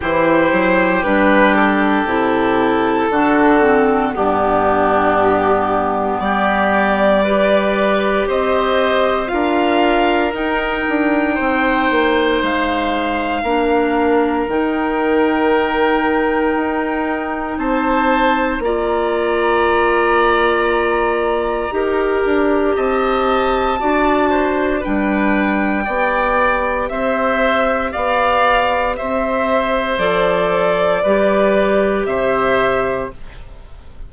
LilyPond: <<
  \new Staff \with { instrumentName = "violin" } { \time 4/4 \tempo 4 = 58 c''4 b'8 a'2~ a'8 | g'2 d''2 | dis''4 f''4 g''2 | f''2 g''2~ |
g''4 a''4 ais''2~ | ais''2 a''2 | g''2 e''4 f''4 | e''4 d''2 e''4 | }
  \new Staff \with { instrumentName = "oboe" } { \time 4/4 g'2. fis'4 | d'2 g'4 b'4 | c''4 ais'2 c''4~ | c''4 ais'2.~ |
ais'4 c''4 d''2~ | d''4 ais'4 dis''4 d''8 c''8 | b'4 d''4 c''4 d''4 | c''2 b'4 c''4 | }
  \new Staff \with { instrumentName = "clarinet" } { \time 4/4 e'4 d'4 e'4 d'8 c'8 | b2. g'4~ | g'4 f'4 dis'2~ | dis'4 d'4 dis'2~ |
dis'2 f'2~ | f'4 g'2 fis'4 | d'4 g'2.~ | g'4 a'4 g'2 | }
  \new Staff \with { instrumentName = "bassoon" } { \time 4/4 e8 fis8 g4 c4 d4 | g,2 g2 | c'4 d'4 dis'8 d'8 c'8 ais8 | gis4 ais4 dis2 |
dis'4 c'4 ais2~ | ais4 dis'8 d'8 c'4 d'4 | g4 b4 c'4 b4 | c'4 f4 g4 c4 | }
>>